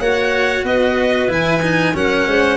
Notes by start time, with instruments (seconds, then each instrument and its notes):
0.00 tuba A#3, cello F#4, clarinet C#5, violin F#5
0.64 tuba B3, clarinet B4, violin D#5
1.29 tuba E3, cello E4, violin G#5
1.62 cello D#4
1.94 tuba F#3, cello C#4, clarinet A#4, violin F#5
2.27 tuba G#3, clarinet C5